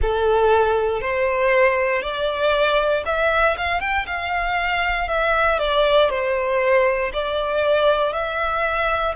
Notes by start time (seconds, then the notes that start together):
0.01 A4
1.01 C5
2.02 D5
3.05 E5
3.57 F5
3.80 G5
4.06 F5
5.08 E5
5.58 D5
6.09 C5
7.13 D5
8.12 E5